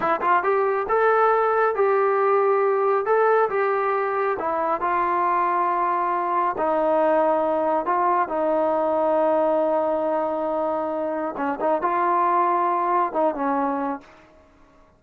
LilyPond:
\new Staff \with { instrumentName = "trombone" } { \time 4/4 \tempo 4 = 137 e'8 f'8 g'4 a'2 | g'2. a'4 | g'2 e'4 f'4~ | f'2. dis'4~ |
dis'2 f'4 dis'4~ | dis'1~ | dis'2 cis'8 dis'8 f'4~ | f'2 dis'8 cis'4. | }